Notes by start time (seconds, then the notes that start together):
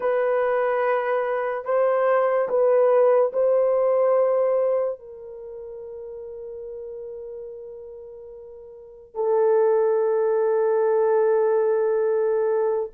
0.00 B4
1.64 C5
2.48 B4
3.33 C5
4.99 A#4
9.14 A4